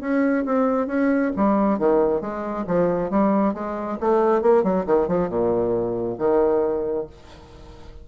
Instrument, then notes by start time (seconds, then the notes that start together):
bassoon
0.00 C#4
0.45 C4
0.87 C#4
1.36 G3
1.78 D#3
2.21 G#3
2.67 F3
3.10 G3
3.54 G#3
4.00 A3
4.42 A#3
4.63 F#3
4.86 D#3
5.07 F3
5.29 A#2
6.18 D#3